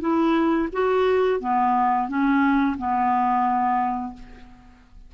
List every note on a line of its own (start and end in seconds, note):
0.00 0.68 E4
0.72 1.40 F#4
1.40 2.08 B3
2.08 2.76 C#4
2.77 4.13 B3